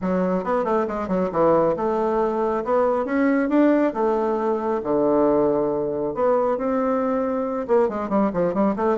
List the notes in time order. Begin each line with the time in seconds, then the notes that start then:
0.01 F#3
0.44 B3
0.64 A3
0.87 G#3
1.07 F#3
1.31 E3
1.76 A3
2.64 B3
3.05 C#4
3.49 D4
3.93 A3
4.83 D3
6.14 B3
6.57 C4
7.67 A#3
7.89 G#3
8.09 G3
8.33 F3
8.53 G3
8.76 A3